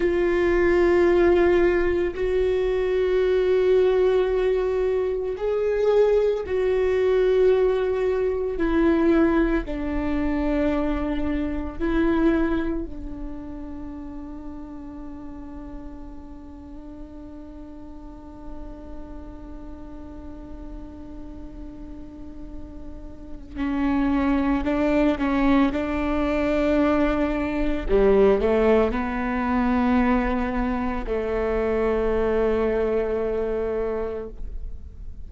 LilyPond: \new Staff \with { instrumentName = "viola" } { \time 4/4 \tempo 4 = 56 f'2 fis'2~ | fis'4 gis'4 fis'2 | e'4 d'2 e'4 | d'1~ |
d'1~ | d'2 cis'4 d'8 cis'8 | d'2 g8 a8 b4~ | b4 a2. | }